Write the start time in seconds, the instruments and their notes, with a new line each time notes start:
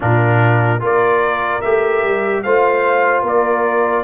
0.00 tuba A#2, trombone D4, horn F4, trumpet A#4
0.80 tuba A#3, trombone F4, horn A#4, trumpet D5
1.61 tuba A3, trombone G4, trumpet E5
2.04 tuba G3
2.42 tuba A3, trombone F4, horn C5, trumpet F5
3.22 tuba A#3, horn A#4, trumpet D5